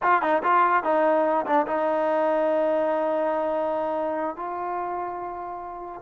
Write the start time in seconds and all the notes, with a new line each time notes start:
0.02 F4
0.21 D#4
0.43 F4
0.83 D#4
1.45 D4
1.67 D#4
4.36 F4